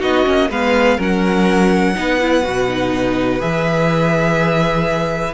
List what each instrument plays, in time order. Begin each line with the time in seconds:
0.00 cello B3, viola D#4, violin F#4 D#5
0.25 cello A#3, viola C#4
0.50 cello G#3, viola B3, violin B4 F5
0.97 cello F#3, viola C#4, violin A#4 F#5
1.96 cello B3, viola D#4, violin B4
2.20 viola E4
2.44 cello B2, viola F#4
2.68 viola D#4
3.40 cello E3, viola G#4, violin E5